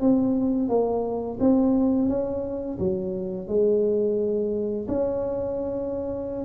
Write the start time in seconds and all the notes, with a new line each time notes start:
0.00 C4
0.68 A#3
1.40 C4
2.08 C#4
2.79 F#3
3.48 G#3
4.88 C#4